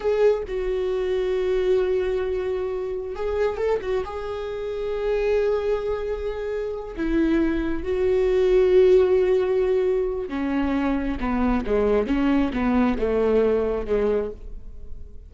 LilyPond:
\new Staff \with { instrumentName = "viola" } { \time 4/4 \tempo 4 = 134 gis'4 fis'2.~ | fis'2. gis'4 | a'8 fis'8 gis'2.~ | gis'2.~ gis'8 e'8~ |
e'4. fis'2~ fis'8~ | fis'2. cis'4~ | cis'4 b4 gis4 cis'4 | b4 a2 gis4 | }